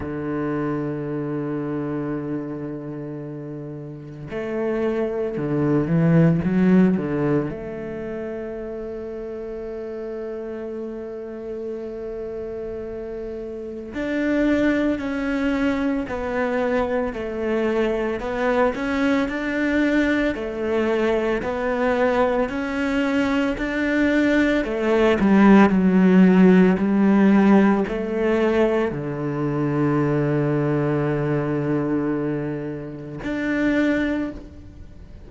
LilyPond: \new Staff \with { instrumentName = "cello" } { \time 4/4 \tempo 4 = 56 d1 | a4 d8 e8 fis8 d8 a4~ | a1~ | a4 d'4 cis'4 b4 |
a4 b8 cis'8 d'4 a4 | b4 cis'4 d'4 a8 g8 | fis4 g4 a4 d4~ | d2. d'4 | }